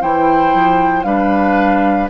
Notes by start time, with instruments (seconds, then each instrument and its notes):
0.00 bassoon E3, clarinet E4, oboe C5, flute G5
0.54 bassoon F3
1.03 bassoon G3, clarinet D4, oboe B4, flute F5